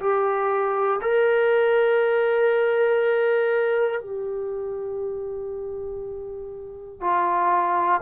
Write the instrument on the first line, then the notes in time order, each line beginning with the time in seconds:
trombone
0.00 G4
1.01 A#4
4.01 G4
7.00 F4